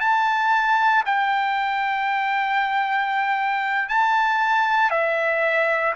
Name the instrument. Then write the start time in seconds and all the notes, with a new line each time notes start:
trumpet
0.00 A5
1.06 G5
3.89 A5
4.90 E5